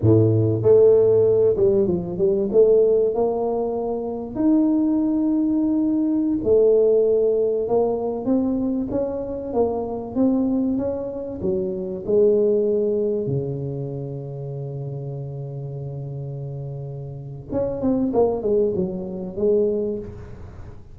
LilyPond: \new Staff \with { instrumentName = "tuba" } { \time 4/4 \tempo 4 = 96 a,4 a4. g8 f8 g8 | a4 ais2 dis'4~ | dis'2~ dis'16 a4.~ a16~ | a16 ais4 c'4 cis'4 ais8.~ |
ais16 c'4 cis'4 fis4 gis8.~ | gis4~ gis16 cis2~ cis8.~ | cis1 | cis'8 c'8 ais8 gis8 fis4 gis4 | }